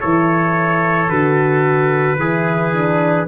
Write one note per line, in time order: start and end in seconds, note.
0.00 1.09 E3
0.00 1.09 E4
0.00 2.18 A4
0.00 1.09 C#5
1.09 2.17 D3
1.09 2.18 F#4
1.09 3.27 B4
2.17 3.26 E3
2.17 2.73 E4
2.17 3.27 G#4
2.73 3.27 D4